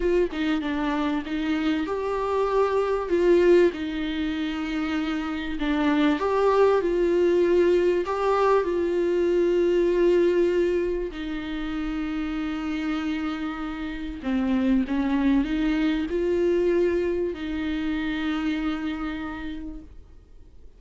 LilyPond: \new Staff \with { instrumentName = "viola" } { \time 4/4 \tempo 4 = 97 f'8 dis'8 d'4 dis'4 g'4~ | g'4 f'4 dis'2~ | dis'4 d'4 g'4 f'4~ | f'4 g'4 f'2~ |
f'2 dis'2~ | dis'2. c'4 | cis'4 dis'4 f'2 | dis'1 | }